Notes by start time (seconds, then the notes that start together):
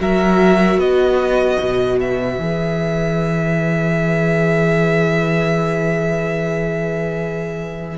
0.00 F#3 F#4 A#4 E5
0.77 B3 B4 D#5
1.60 B2
2.00 E5
2.38 E3 G#4